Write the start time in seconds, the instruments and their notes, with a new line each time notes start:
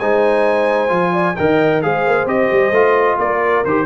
0.00 tuba G#3, trombone D#4, horn C5, trumpet G#5
0.89 tuba F3, trombone F4
1.13 horn D5
1.36 tuba D#3, trombone A#4, horn D#5, trumpet G5
1.82 tuba G#3, trombone G#4, horn C5, trumpet F5
2.07 tuba A#3
2.26 tuba C4, trombone G4, trumpet D#5
2.53 tuba G3
2.72 tuba A3, trombone F4
3.19 tuba A#3, horn A#4, trumpet D5
3.65 tuba D#3, trombone G4, trumpet C5